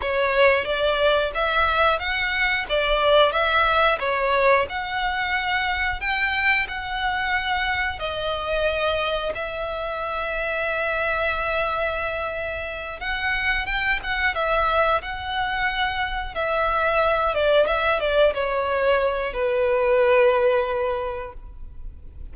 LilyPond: \new Staff \with { instrumentName = "violin" } { \time 4/4 \tempo 4 = 90 cis''4 d''4 e''4 fis''4 | d''4 e''4 cis''4 fis''4~ | fis''4 g''4 fis''2 | dis''2 e''2~ |
e''2.~ e''8 fis''8~ | fis''8 g''8 fis''8 e''4 fis''4.~ | fis''8 e''4. d''8 e''8 d''8 cis''8~ | cis''4 b'2. | }